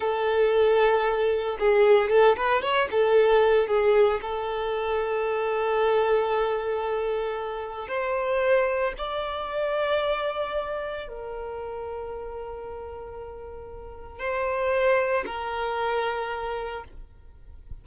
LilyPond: \new Staff \with { instrumentName = "violin" } { \time 4/4 \tempo 4 = 114 a'2. gis'4 | a'8 b'8 cis''8 a'4. gis'4 | a'1~ | a'2. c''4~ |
c''4 d''2.~ | d''4 ais'2.~ | ais'2. c''4~ | c''4 ais'2. | }